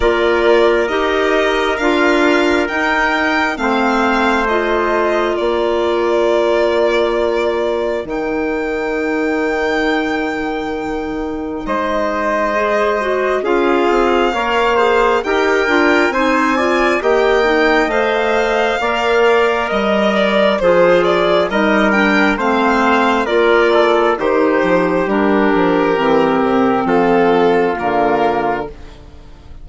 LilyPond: <<
  \new Staff \with { instrumentName = "violin" } { \time 4/4 \tempo 4 = 67 d''4 dis''4 f''4 g''4 | f''4 dis''4 d''2~ | d''4 g''2.~ | g''4 dis''2 f''4~ |
f''4 g''4 gis''4 g''4 | f''2 dis''8 d''8 c''8 d''8 | dis''8 g''8 f''4 d''4 c''4 | ais'2 a'4 ais'4 | }
  \new Staff \with { instrumentName = "trumpet" } { \time 4/4 ais'1 | c''2 ais'2~ | ais'1~ | ais'4 c''2 gis'4 |
cis''8 c''8 ais'4 c''8 d''8 dis''4~ | dis''4 d''4 dis''4 gis'4 | ais'4 c''4 ais'8 a'8 g'4~ | g'2 f'2 | }
  \new Staff \with { instrumentName = "clarinet" } { \time 4/4 f'4 g'4 f'4 dis'4 | c'4 f'2.~ | f'4 dis'2.~ | dis'2 gis'8 fis'8 f'4 |
ais'8 gis'8 g'8 f'8 dis'8 f'8 g'8 dis'8 | c''4 ais'2 f'4 | dis'8 d'8 c'4 f'4 dis'4 | d'4 c'2 ais4 | }
  \new Staff \with { instrumentName = "bassoon" } { \time 4/4 ais4 dis'4 d'4 dis'4 | a2 ais2~ | ais4 dis2.~ | dis4 gis2 cis'8 c'8 |
ais4 dis'8 d'8 c'4 ais4 | a4 ais4 g4 f4 | g4 a4 ais4 dis8 f8 | g8 f8 e8 c8 f4 d4 | }
>>